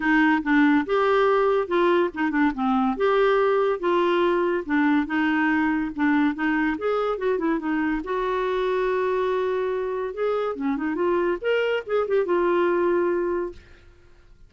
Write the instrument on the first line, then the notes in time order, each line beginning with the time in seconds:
clarinet
0.00 D#4
0.42 D4
0.85 G4
1.67 F4
2.14 D#4
2.30 D4
2.54 C4
2.96 G4
3.79 F4
4.65 D4
5.06 D#4
5.95 D4
6.34 D#4
6.78 G#4
7.18 F#4
7.38 E4
7.59 D#4
8.03 F#4
10.14 G#4
10.55 C#4
10.76 D#4
10.95 F4
11.41 A#4
11.86 G#4
12.07 G4
12.25 F4